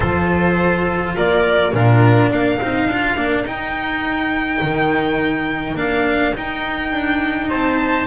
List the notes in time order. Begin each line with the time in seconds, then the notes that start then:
0.00 F3 F4 A4 C5
1.16 A#3 A#4 D5
1.72 A#2 D4 F4 A#4
2.31 A#3 A#4 F5
2.61 C4 D#4
2.87 D4 F4
3.16 A#3 D4
3.44 D#4 G5
4.61 D#3
5.74 A#3 D4 F5
6.34 D#4 G5
6.92 D4
7.49 C4 C5 A5